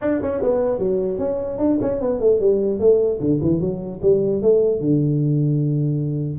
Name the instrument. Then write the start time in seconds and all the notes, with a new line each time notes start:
tuba
0.01 D4
0.21 C#4
0.42 B3
0.79 F#3
1.18 C#4
1.58 D4
1.81 C#4
2.01 B3
2.20 A3
2.40 G3
2.79 A3
3.20 D3
3.41 E3
3.60 F#3
4.02 G3
4.42 A3
4.80 D3